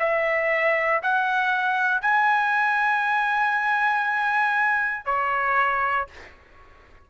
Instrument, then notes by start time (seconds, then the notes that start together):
trumpet
0.00 E5
1.03 F#5
2.02 G#5
5.06 C#5